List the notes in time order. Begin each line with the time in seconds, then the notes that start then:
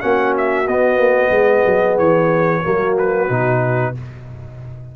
0.00 A#3 C#4 F#4 F#5
0.37 E5
0.68 B3 D#5
0.97 A#3
1.30 G#3 G#4
1.66 F#3
1.98 E3 C#5
2.62 F#3 A#3 F#4
2.98 B4
3.29 B2 D#4